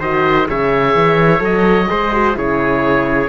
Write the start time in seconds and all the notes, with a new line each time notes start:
0.00 D#3 F#4 C5 D#5
0.46 C#3 G#4 C#5 E5
0.95 E3
1.39 F#3 A4 D#5
1.88 G#3 G#4 C5
2.13 F#4
2.34 C#3 E4 G#4 C#5